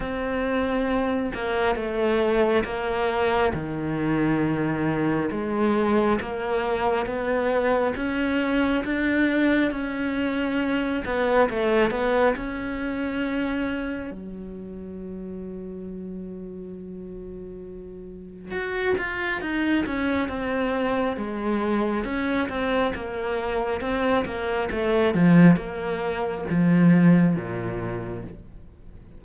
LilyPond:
\new Staff \with { instrumentName = "cello" } { \time 4/4 \tempo 4 = 68 c'4. ais8 a4 ais4 | dis2 gis4 ais4 | b4 cis'4 d'4 cis'4~ | cis'8 b8 a8 b8 cis'2 |
fis1~ | fis4 fis'8 f'8 dis'8 cis'8 c'4 | gis4 cis'8 c'8 ais4 c'8 ais8 | a8 f8 ais4 f4 ais,4 | }